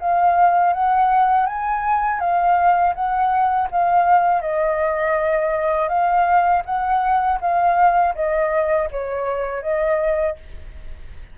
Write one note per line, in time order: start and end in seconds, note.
0.00 0.73 F5
0.73 1.46 F#5
1.46 2.20 G#5
2.20 2.94 F5
2.95 3.69 F#5
3.71 4.41 F5
4.41 5.89 D#5
5.89 6.63 F5
6.66 7.40 F#5
7.41 8.15 F5
8.15 8.90 D#5
8.91 9.62 C#5
9.62 10.36 D#5